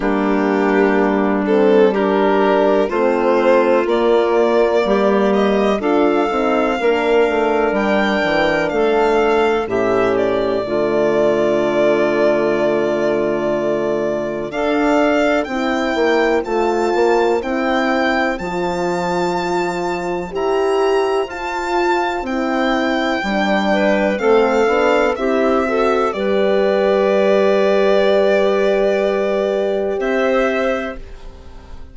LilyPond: <<
  \new Staff \with { instrumentName = "violin" } { \time 4/4 \tempo 4 = 62 g'4. a'8 ais'4 c''4 | d''4. dis''8 f''2 | g''4 f''4 e''8 d''4.~ | d''2. f''4 |
g''4 a''4 g''4 a''4~ | a''4 ais''4 a''4 g''4~ | g''4 f''4 e''4 d''4~ | d''2. e''4 | }
  \new Staff \with { instrumentName = "clarinet" } { \time 4/4 d'2 g'4 f'4~ | f'4 g'4 a'4 ais'4~ | ais'4 a'4 g'4 f'4~ | f'2. a'4 |
c''1~ | c''1~ | c''8 b'8 a'4 g'8 a'8 b'4~ | b'2. c''4 | }
  \new Staff \with { instrumentName = "horn" } { \time 4/4 ais4. c'8 d'4 c'4 | ais2 f'8 dis'8 d'4~ | d'2 cis'4 a4~ | a2. d'4 |
e'4 f'4 e'4 f'4~ | f'4 g'4 f'4 e'4 | d'4 c'8 d'8 e'8 fis'8 g'4~ | g'1 | }
  \new Staff \with { instrumentName = "bassoon" } { \time 4/4 g2. a4 | ais4 g4 d'8 c'8 ais8 a8 | g8 e8 a4 a,4 d4~ | d2. d'4 |
c'8 ais8 a8 ais8 c'4 f4~ | f4 e'4 f'4 c'4 | g4 a8 b8 c'4 g4~ | g2. c'4 | }
>>